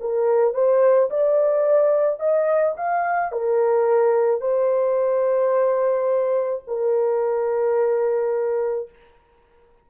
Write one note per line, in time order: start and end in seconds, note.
0.00 0.54 A#4
0.54 1.10 C5
1.10 2.19 D5
2.19 2.75 D#5
2.77 3.32 F5
3.32 4.40 A#4
4.40 6.63 C5
6.67 8.89 A#4